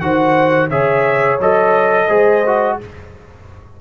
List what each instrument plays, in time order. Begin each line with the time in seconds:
0.00 tuba D#3, trombone F#4, horn C5, trumpet F#5
0.69 tuba C#3, trombone G#4, horn C#5, trumpet E5
1.39 tuba F#3, trombone A4, trumpet D#5
2.09 tuba G#3, trombone G#4, horn C5
2.46 trombone F#4